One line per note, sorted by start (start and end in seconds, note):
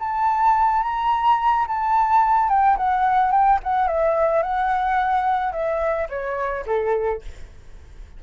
0.00 0.83 A5
0.83 1.67 A#5
1.68 2.49 A5
2.49 2.77 G5
2.78 3.32 F#5
3.32 3.60 G5
3.64 3.88 F#5
3.88 4.43 E5
4.43 5.53 F#5
5.53 6.08 E5
6.10 6.66 C#5
6.67 7.22 A4